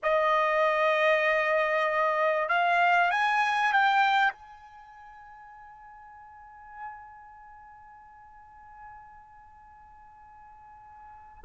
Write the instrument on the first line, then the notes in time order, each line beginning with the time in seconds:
trumpet
0.03 D#5
2.49 F5
3.11 G#5
3.73 G5
4.32 G#5